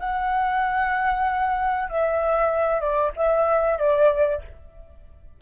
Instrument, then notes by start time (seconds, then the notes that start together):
flute
0.00 F#5
1.90 E5
2.81 D5
3.17 E5
3.79 D5